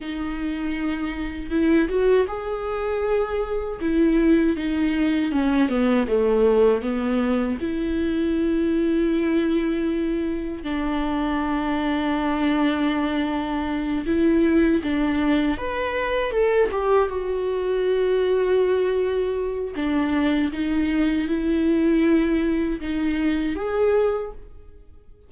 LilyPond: \new Staff \with { instrumentName = "viola" } { \time 4/4 \tempo 4 = 79 dis'2 e'8 fis'8 gis'4~ | gis'4 e'4 dis'4 cis'8 b8 | a4 b4 e'2~ | e'2 d'2~ |
d'2~ d'8 e'4 d'8~ | d'8 b'4 a'8 g'8 fis'4.~ | fis'2 d'4 dis'4 | e'2 dis'4 gis'4 | }